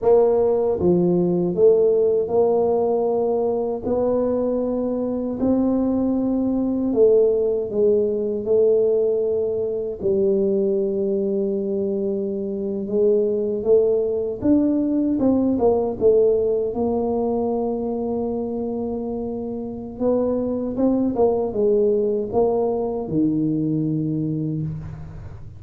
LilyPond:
\new Staff \with { instrumentName = "tuba" } { \time 4/4 \tempo 4 = 78 ais4 f4 a4 ais4~ | ais4 b2 c'4~ | c'4 a4 gis4 a4~ | a4 g2.~ |
g8. gis4 a4 d'4 c'16~ | c'16 ais8 a4 ais2~ ais16~ | ais2 b4 c'8 ais8 | gis4 ais4 dis2 | }